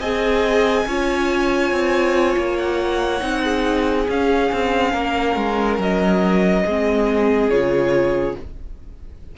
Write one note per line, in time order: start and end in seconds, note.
0.00 0.86 C4
0.00 0.88 G#4
0.00 0.86 D#5
0.00 2.58 G#5
0.86 1.72 C#4
0.86 3.20 F4
0.86 3.44 C#5
1.72 2.36 C4
2.37 3.22 A#3
2.59 4.09 F#5
3.20 4.08 C4
3.20 4.06 D#4
3.44 4.93 G#4
4.09 4.51 C#4
4.09 6.68 C#4
4.09 5.82 F5
4.52 4.94 C4
4.93 5.36 A#3
4.93 6.64 A#4
5.36 5.79 G#3
5.79 6.64 F#3
5.79 7.50 D#5
6.65 7.50 G#3
6.65 7.52 C4
6.65 8.36 G#4
7.50 8.36 C#3
7.50 8.38 F4
7.50 8.36 C#5